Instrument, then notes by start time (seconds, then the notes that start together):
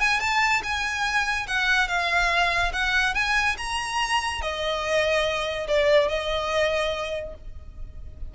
violin
0.00 G#5
0.20 A5
0.63 G#5
1.47 F#5
1.88 F5
2.73 F#5
3.14 G#5
3.58 A#5
4.42 D#5
5.68 D5
6.09 D#5